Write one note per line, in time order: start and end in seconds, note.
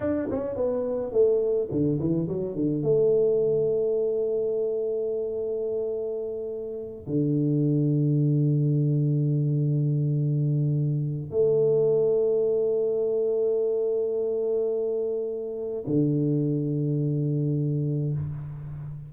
0.00 0.28 D4
0.31 0.56 C#4
0.56 1.12 B3
1.12 1.68 A3
1.71 1.99 D3
1.99 2.27 E3
2.28 2.55 F#3
2.55 2.83 D3
2.83 7.07 A3
7.07 11.30 D3
11.30 15.83 A3
15.86 18.13 D3